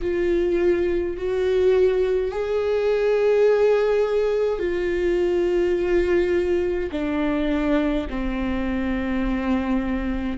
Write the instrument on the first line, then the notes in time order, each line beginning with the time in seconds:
viola
0.01 F4
1.16 F#4
2.31 G#4
4.59 F4
6.91 D4
8.09 C4